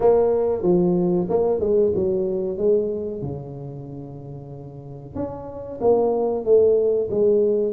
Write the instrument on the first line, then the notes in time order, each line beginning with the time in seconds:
tuba
0.00 A#3
0.62 F3
1.29 A#3
1.60 G#3
1.94 F#3
2.57 G#3
3.22 C#3
5.15 C#4
5.81 A#3
6.44 A3
7.10 G#3